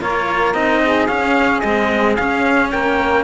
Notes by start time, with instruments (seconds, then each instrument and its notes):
0.00 cello A#3 F4, saxophone A#4, trumpet C#5
0.53 cello C4 D#4, trumpet D#5
0.83 saxophone G#4
1.07 cello C#4, trumpet F5
1.60 cello G#3 C4, trumpet D#5
2.16 cello C#4, trumpet F5
2.71 cello A#3, saxophone A#4, trumpet G5